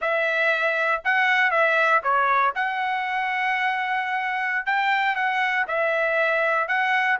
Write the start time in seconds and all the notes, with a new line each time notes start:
0.01 E5
1.04 F#5
1.50 E5
2.03 C#5
2.55 F#5
4.65 G5
5.15 F#5
5.67 E5
6.67 F#5